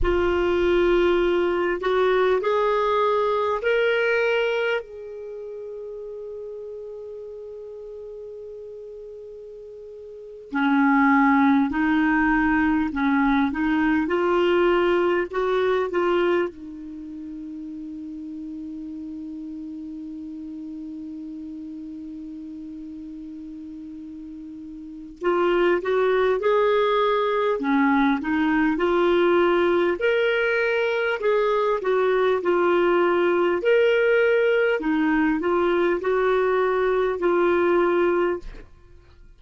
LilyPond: \new Staff \with { instrumentName = "clarinet" } { \time 4/4 \tempo 4 = 50 f'4. fis'8 gis'4 ais'4 | gis'1~ | gis'8. cis'4 dis'4 cis'8 dis'8 f'16~ | f'8. fis'8 f'8 dis'2~ dis'16~ |
dis'1~ | dis'4 f'8 fis'8 gis'4 cis'8 dis'8 | f'4 ais'4 gis'8 fis'8 f'4 | ais'4 dis'8 f'8 fis'4 f'4 | }